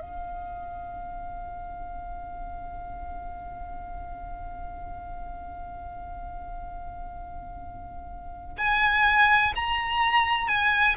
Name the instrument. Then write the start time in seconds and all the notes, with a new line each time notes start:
violin
0.00 F5
8.58 G#5
9.56 A#5
10.48 G#5